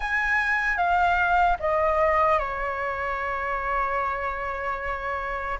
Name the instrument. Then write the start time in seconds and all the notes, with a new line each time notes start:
flute
0.00 G#5
0.77 F5
1.59 D#5
2.38 C#5